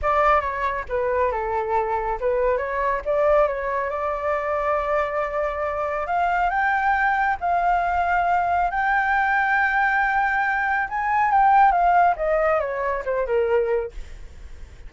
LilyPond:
\new Staff \with { instrumentName = "flute" } { \time 4/4 \tempo 4 = 138 d''4 cis''4 b'4 a'4~ | a'4 b'4 cis''4 d''4 | cis''4 d''2.~ | d''2 f''4 g''4~ |
g''4 f''2. | g''1~ | g''4 gis''4 g''4 f''4 | dis''4 cis''4 c''8 ais'4. | }